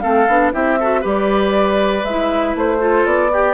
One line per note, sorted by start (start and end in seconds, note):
0.00 0.28 A3
0.00 0.27 C4
0.00 0.53 A4
0.00 0.50 F5
0.28 0.53 B3
0.28 0.53 D4
0.53 1.05 C4
0.53 0.78 E4
0.53 0.79 G4
0.53 1.04 E5
0.80 1.02 F#4
0.80 1.01 A4
1.01 2.04 G3
1.01 2.03 G4
1.01 2.77 B4
1.07 2.05 D5
2.04 2.54 G#3
2.04 2.79 E4
2.04 2.55 E5
2.55 3.05 A3
2.55 3.06 C5
2.79 3.29 F4
2.79 3.31 A4
3.05 3.55 B3
3.05 3.55 D5
3.33 3.55 G4